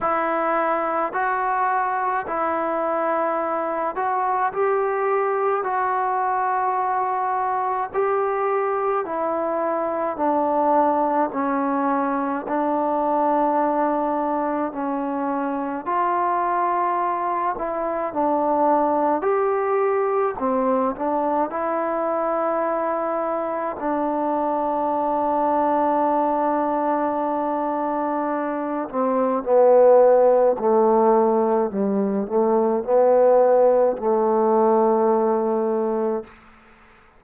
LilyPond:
\new Staff \with { instrumentName = "trombone" } { \time 4/4 \tempo 4 = 53 e'4 fis'4 e'4. fis'8 | g'4 fis'2 g'4 | e'4 d'4 cis'4 d'4~ | d'4 cis'4 f'4. e'8 |
d'4 g'4 c'8 d'8 e'4~ | e'4 d'2.~ | d'4. c'8 b4 a4 | g8 a8 b4 a2 | }